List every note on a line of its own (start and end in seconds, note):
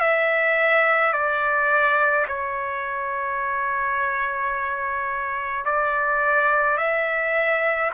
0.00 1.13 E5
1.13 2.26 D5
2.27 5.65 C#5
5.65 6.77 D5
6.77 7.90 E5